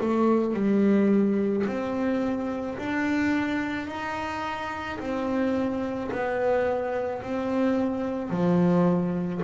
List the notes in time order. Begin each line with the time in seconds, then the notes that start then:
0.00 A3
0.54 G3
1.66 C4
2.78 D4
3.87 D#4
4.99 C4
6.11 B3
7.22 C4
8.30 F3